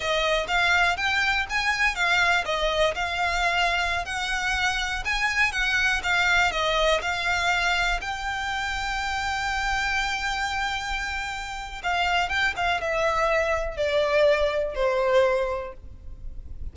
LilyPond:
\new Staff \with { instrumentName = "violin" } { \time 4/4 \tempo 4 = 122 dis''4 f''4 g''4 gis''4 | f''4 dis''4 f''2~ | f''16 fis''2 gis''4 fis''8.~ | fis''16 f''4 dis''4 f''4.~ f''16~ |
f''16 g''2.~ g''8.~ | g''1 | f''4 g''8 f''8 e''2 | d''2 c''2 | }